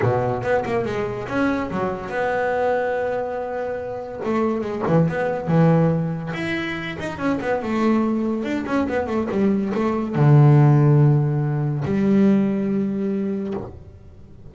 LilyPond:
\new Staff \with { instrumentName = "double bass" } { \time 4/4 \tempo 4 = 142 b,4 b8 ais8 gis4 cis'4 | fis4 b2.~ | b2 a4 gis8 e8 | b4 e2 e'4~ |
e'8 dis'8 cis'8 b8 a2 | d'8 cis'8 b8 a8 g4 a4 | d1 | g1 | }